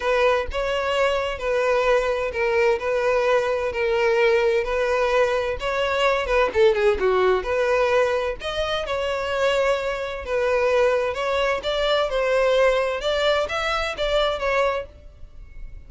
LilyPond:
\new Staff \with { instrumentName = "violin" } { \time 4/4 \tempo 4 = 129 b'4 cis''2 b'4~ | b'4 ais'4 b'2 | ais'2 b'2 | cis''4. b'8 a'8 gis'8 fis'4 |
b'2 dis''4 cis''4~ | cis''2 b'2 | cis''4 d''4 c''2 | d''4 e''4 d''4 cis''4 | }